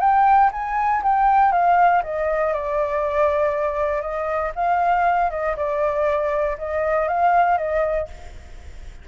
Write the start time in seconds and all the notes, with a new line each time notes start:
0.00 G5
0.52 G#5
1.03 G5
1.52 F5
2.03 D#5
2.53 D5
4.02 D#5
4.55 F5
5.30 D#5
5.56 D5
6.58 D#5
7.08 F5
7.58 D#5